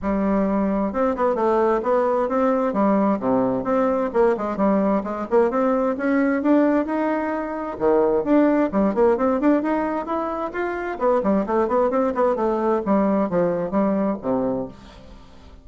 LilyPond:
\new Staff \with { instrumentName = "bassoon" } { \time 4/4 \tempo 4 = 131 g2 c'8 b8 a4 | b4 c'4 g4 c4 | c'4 ais8 gis8 g4 gis8 ais8 | c'4 cis'4 d'4 dis'4~ |
dis'4 dis4 d'4 g8 ais8 | c'8 d'8 dis'4 e'4 f'4 | b8 g8 a8 b8 c'8 b8 a4 | g4 f4 g4 c4 | }